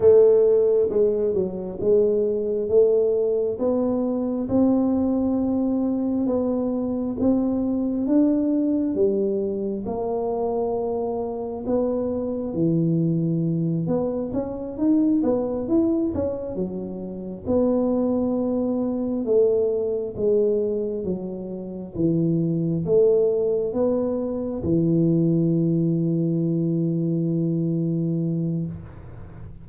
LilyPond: \new Staff \with { instrumentName = "tuba" } { \time 4/4 \tempo 4 = 67 a4 gis8 fis8 gis4 a4 | b4 c'2 b4 | c'4 d'4 g4 ais4~ | ais4 b4 e4. b8 |
cis'8 dis'8 b8 e'8 cis'8 fis4 b8~ | b4. a4 gis4 fis8~ | fis8 e4 a4 b4 e8~ | e1 | }